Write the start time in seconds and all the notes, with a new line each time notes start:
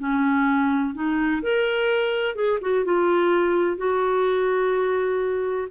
0.00 C#4
0.95 D#4
1.43 A#4
2.35 G#4
2.62 F#4
2.85 F4
3.78 F#4